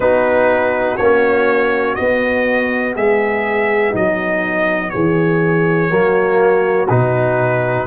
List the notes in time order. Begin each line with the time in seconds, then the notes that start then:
0.00 B3 D#4 F#4 B4
0.96 A#3 C#4 C#5
1.95 B3 D#5
2.94 G#3 G#4 E5
3.90 F#3 D#4 D#5
4.90 E3 G#4 C#5
5.89 F#3 A#3 F#4
6.89 B2 D#4 B4